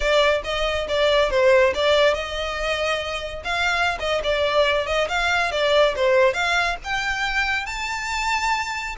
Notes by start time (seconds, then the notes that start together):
0.00 D5
0.44 D#5
0.88 D5
1.30 C5
1.74 D5
2.13 D#5
3.44 F5
3.99 D#5
4.23 D5
4.86 D#5
5.08 F5
5.51 D5
5.95 C5
6.33 F5
6.84 G5
7.66 A5